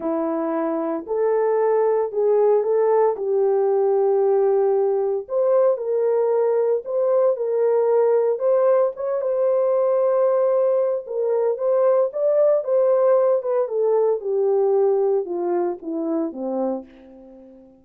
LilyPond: \new Staff \with { instrumentName = "horn" } { \time 4/4 \tempo 4 = 114 e'2 a'2 | gis'4 a'4 g'2~ | g'2 c''4 ais'4~ | ais'4 c''4 ais'2 |
c''4 cis''8 c''2~ c''8~ | c''4 ais'4 c''4 d''4 | c''4. b'8 a'4 g'4~ | g'4 f'4 e'4 c'4 | }